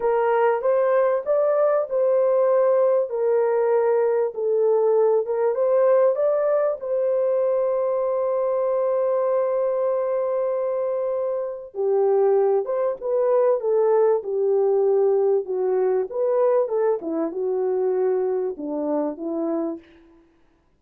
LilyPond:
\new Staff \with { instrumentName = "horn" } { \time 4/4 \tempo 4 = 97 ais'4 c''4 d''4 c''4~ | c''4 ais'2 a'4~ | a'8 ais'8 c''4 d''4 c''4~ | c''1~ |
c''2. g'4~ | g'8 c''8 b'4 a'4 g'4~ | g'4 fis'4 b'4 a'8 e'8 | fis'2 d'4 e'4 | }